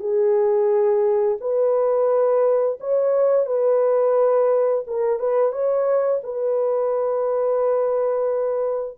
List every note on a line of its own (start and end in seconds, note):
0.00 1.38 G#4
1.41 2.79 B4
2.80 3.46 C#5
3.46 4.84 B4
4.87 5.19 A#4
5.19 5.52 B4
5.52 6.21 C#5
6.23 8.98 B4